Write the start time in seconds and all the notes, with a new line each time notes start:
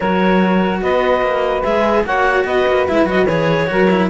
0.00 F#3 F#4 A#4 C#5
0.81 B3 B4 D#5
1.21 A#3
1.63 G#3 G#4 E5
2.03 A#3 F#4 C#5 F#5
2.44 B3 B4 D#5
2.67 A#3
2.88 G#3 E4 E5
3.05 F#3 F#4 D#5
3.26 E3 G#4 C#5
3.67 F#3 F#4 A#4
3.90 E4